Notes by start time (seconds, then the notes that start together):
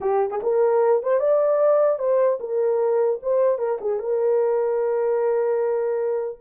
0.00 G4
0.30 G#4
0.42 A#4
1.02 C5
1.19 D5
1.99 C5
2.40 A#4
3.22 C5
3.58 A#4
3.81 G#4
3.99 A#4